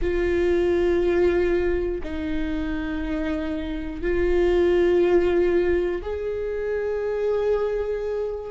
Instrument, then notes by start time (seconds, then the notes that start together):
viola
0.01 F4
2.03 D#4
4.01 F4
6.01 G#4